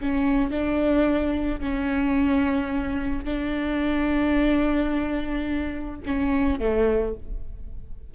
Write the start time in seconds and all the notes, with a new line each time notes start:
0.00 C#4
0.51 D4
1.60 C#4
3.25 D4
6.06 C#4
6.59 A3